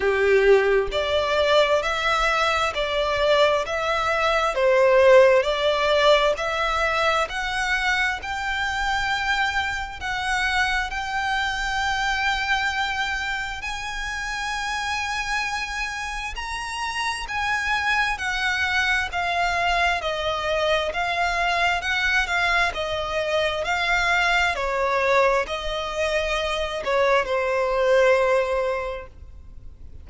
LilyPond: \new Staff \with { instrumentName = "violin" } { \time 4/4 \tempo 4 = 66 g'4 d''4 e''4 d''4 | e''4 c''4 d''4 e''4 | fis''4 g''2 fis''4 | g''2. gis''4~ |
gis''2 ais''4 gis''4 | fis''4 f''4 dis''4 f''4 | fis''8 f''8 dis''4 f''4 cis''4 | dis''4. cis''8 c''2 | }